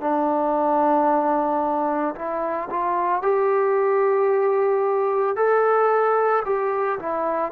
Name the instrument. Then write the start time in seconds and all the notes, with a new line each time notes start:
trombone
0.00 D4
2.15 E4
2.70 F4
3.21 G4
5.36 A4
6.45 G4
6.99 E4